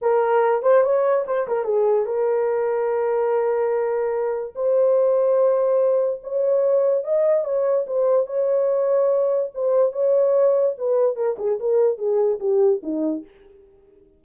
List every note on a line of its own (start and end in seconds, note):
0.01 0.62 A#4
0.62 0.83 C5
0.83 1.24 C#5
1.26 1.47 C5
1.47 1.64 A#4
1.64 2.05 G#4
2.05 4.53 A#4
4.55 6.21 C5
6.23 7.03 C#5
7.03 7.44 D#5
7.44 7.85 C#5
7.86 8.26 C5
8.26 9.50 C#5
9.54 9.92 C5
9.92 10.75 C#5
10.77 11.15 B4
11.15 11.36 A#4
11.38 11.59 G#4
11.59 11.97 A#4
11.97 12.39 G#4
12.39 12.81 G4
12.83 13.24 D#4